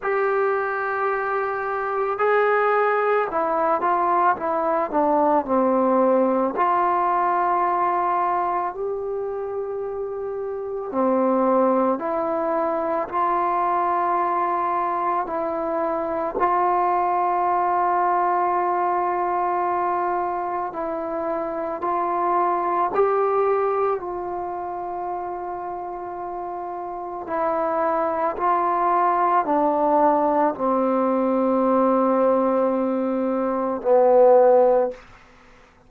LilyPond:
\new Staff \with { instrumentName = "trombone" } { \time 4/4 \tempo 4 = 55 g'2 gis'4 e'8 f'8 | e'8 d'8 c'4 f'2 | g'2 c'4 e'4 | f'2 e'4 f'4~ |
f'2. e'4 | f'4 g'4 f'2~ | f'4 e'4 f'4 d'4 | c'2. b4 | }